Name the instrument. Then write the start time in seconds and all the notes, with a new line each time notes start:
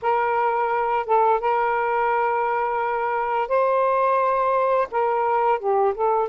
saxophone
0.02 A#4
1.06 A4
1.40 A#4
3.48 C5
4.91 A#4
5.59 G4
5.94 A4